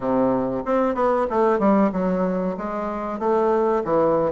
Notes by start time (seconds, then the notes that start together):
0.00 C3
0.65 C4
0.94 B3
1.30 A3
1.59 G3
1.92 F#3
2.57 G#3
3.19 A3
3.84 E3